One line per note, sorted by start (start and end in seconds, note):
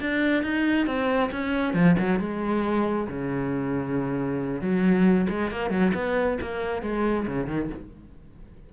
0.00 0.43 D4
0.43 0.86 D#4
0.86 1.31 C4
1.32 1.73 C#4
1.73 1.96 F3
1.98 2.19 F#3
2.19 3.07 G#3
3.08 4.61 C#3
4.61 5.27 F#3
5.29 5.51 G#3
5.51 5.70 A#3
5.70 5.92 F#3
5.94 6.38 B3
6.41 6.82 A#3
6.82 7.26 G#3
7.27 7.47 C#3
7.47 7.69 D#3